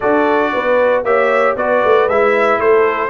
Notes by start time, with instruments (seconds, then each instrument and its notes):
0.00 tuba D4, trombone F#4, horn A4, trumpet D5
0.52 tuba B3, horn B4
1.03 tuba A#3, trombone G4, horn C#5, trumpet E5
1.56 tuba B3, trombone F#4, horn B4, trumpet D5
1.84 tuba A3
2.09 tuba G#3, trombone E4, trumpet E5
2.58 tuba A3, horn A4, trumpet C5